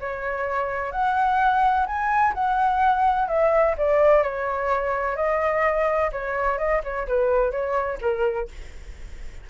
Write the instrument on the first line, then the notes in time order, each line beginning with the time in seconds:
flute
0.00 C#5
0.91 F#5
1.86 G#5
2.34 F#5
3.28 E5
3.78 D5
4.23 C#5
5.16 D#5
6.12 C#5
6.58 D#5
6.84 C#5
7.08 B4
7.51 C#5
8.01 A#4